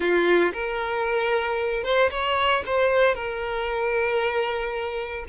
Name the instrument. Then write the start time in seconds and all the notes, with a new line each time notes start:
violin
0.00 F4
0.53 A#4
1.83 C5
2.10 C#5
2.66 C5
3.14 A#4